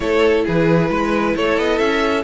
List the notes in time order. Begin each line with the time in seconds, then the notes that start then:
0.00 A3 E4 A4 C#5
0.44 E3 G#4 B4
0.90 G#3 B4
1.35 A3 A4 C#5
1.57 B3 D#5
1.78 C#4 E5